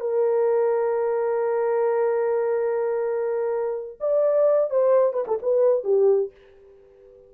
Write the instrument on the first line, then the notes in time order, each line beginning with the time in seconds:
horn
0.00 A#4
4.00 D5
4.70 C5
5.13 B4
5.27 A4
5.42 B4
5.84 G4